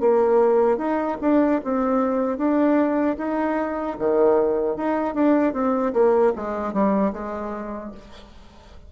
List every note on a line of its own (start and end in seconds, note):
0.00 0.78 A#3
0.78 1.17 D#4
1.21 1.60 D4
1.64 2.37 C4
2.37 3.16 D4
3.18 3.97 D#4
3.99 4.76 D#3
4.76 5.14 D#4
5.14 5.53 D4
5.53 5.92 C4
5.93 6.33 A#3
6.36 6.73 G#3
6.73 7.12 G3
7.13 7.92 G#3